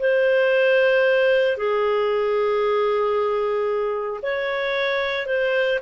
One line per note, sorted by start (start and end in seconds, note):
0.00 1.57 C5
1.57 4.21 G#4
4.23 5.27 C#5
5.27 5.79 C5